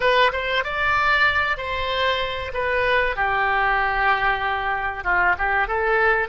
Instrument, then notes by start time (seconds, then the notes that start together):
oboe
0.00 B4
0.32 C5
0.63 D5
1.57 C5
2.53 B4
3.16 G4
5.04 F4
5.37 G4
5.67 A4